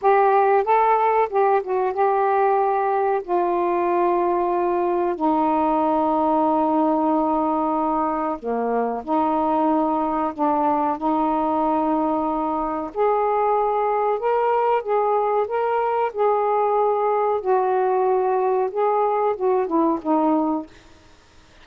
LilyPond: \new Staff \with { instrumentName = "saxophone" } { \time 4/4 \tempo 4 = 93 g'4 a'4 g'8 fis'8 g'4~ | g'4 f'2. | dis'1~ | dis'4 ais4 dis'2 |
d'4 dis'2. | gis'2 ais'4 gis'4 | ais'4 gis'2 fis'4~ | fis'4 gis'4 fis'8 e'8 dis'4 | }